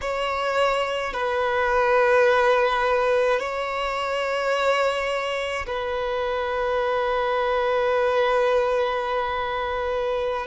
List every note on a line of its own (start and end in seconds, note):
0.01 1.13 C#5
1.13 3.39 B4
3.39 5.66 C#5
5.66 10.46 B4